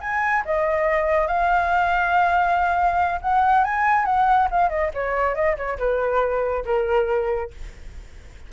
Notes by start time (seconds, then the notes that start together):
0.00 G#5
0.45 D#5
1.27 F5
3.21 F#5
3.64 G#5
4.05 F#5
4.50 F5
4.69 D#5
4.94 C#5
5.34 D#5
5.56 C#5
5.78 B4
6.65 A#4